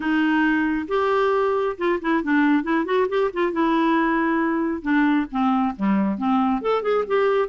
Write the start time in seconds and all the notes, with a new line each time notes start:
0.00 D#4
0.88 G4
1.77 F4
2.01 E4
2.23 D4
2.63 E4
2.85 F#4
3.08 G4
3.33 F4
3.52 E4
4.82 D4
5.31 C4
5.76 G3
6.18 C4
6.61 A4
6.82 G#4
7.07 G4